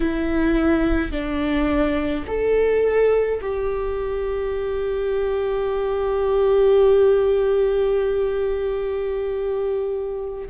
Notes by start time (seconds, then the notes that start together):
0.00 E4
1.11 D4
2.27 A4
3.41 G4